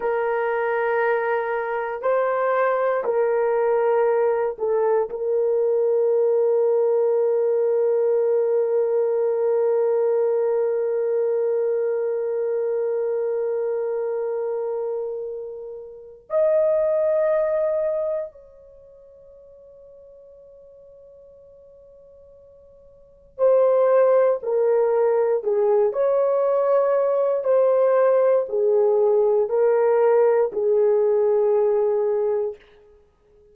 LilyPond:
\new Staff \with { instrumentName = "horn" } { \time 4/4 \tempo 4 = 59 ais'2 c''4 ais'4~ | ais'8 a'8 ais'2.~ | ais'1~ | ais'1 |
dis''2 cis''2~ | cis''2. c''4 | ais'4 gis'8 cis''4. c''4 | gis'4 ais'4 gis'2 | }